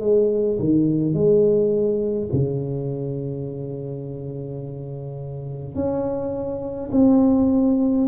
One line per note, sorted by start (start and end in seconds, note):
0.00 0.58 G#3
0.59 1.13 D#3
1.13 2.29 G#3
2.32 5.74 C#3
5.74 6.90 C#4
6.92 8.07 C4